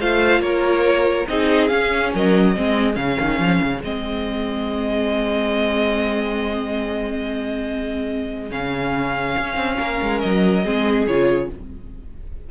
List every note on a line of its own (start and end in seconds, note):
0.00 0.39 A3
0.00 1.28 F4
0.00 0.43 C5
0.00 0.41 F5
0.39 1.24 A#3
0.39 1.29 A#4
0.39 1.26 C#5
1.28 1.70 C4
1.28 1.69 D#4
1.28 2.13 G#4
1.28 1.68 D#5
1.68 2.54 C#4
1.68 2.13 C#4
1.68 2.10 F5
2.13 2.57 F#3
2.13 2.56 A#4
2.13 2.95 D#5
2.56 2.96 G#3
2.56 2.94 C4
2.56 9.79 G#4
2.94 3.17 C#3
2.94 3.79 C#4
2.94 3.81 F5
3.20 3.39 D#3
3.39 3.61 F3
3.62 3.83 C#3
3.84 8.51 G#3
3.84 8.50 C4
3.84 8.51 D#5
8.50 9.36 C#3
8.50 10.63 C#4
8.50 10.20 F5
9.38 9.56 C#4
9.56 9.77 C4
9.79 10.01 A#3
9.79 10.64 A#4
10.02 10.23 G#3
10.20 10.65 F#3
10.20 11.05 D#5
10.64 11.07 G#3
10.64 11.07 C4
10.64 11.49 G#4
11.07 11.50 C#3
11.07 11.51 F4
11.07 11.50 C#5